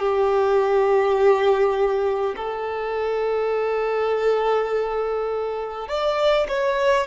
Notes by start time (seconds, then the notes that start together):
0.00 G4
2.37 A4
5.88 D5
6.49 C#5